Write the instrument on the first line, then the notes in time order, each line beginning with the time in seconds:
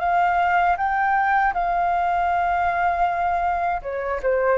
flute
0.00 F5
0.77 G5
1.53 F5
3.82 C#5
4.23 C5